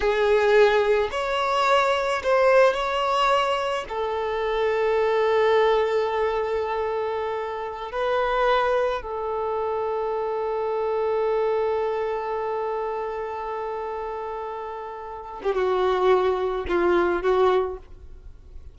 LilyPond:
\new Staff \with { instrumentName = "violin" } { \time 4/4 \tempo 4 = 108 gis'2 cis''2 | c''4 cis''2 a'4~ | a'1~ | a'2~ a'16 b'4.~ b'16~ |
b'16 a'2.~ a'8.~ | a'1~ | a'2.~ a'8. g'16 | fis'2 f'4 fis'4 | }